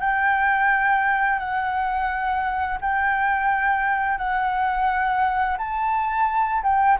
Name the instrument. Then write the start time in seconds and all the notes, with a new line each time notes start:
flute
0.00 G5
1.39 F#5
2.80 G5
4.17 F#5
5.58 A5
6.62 G5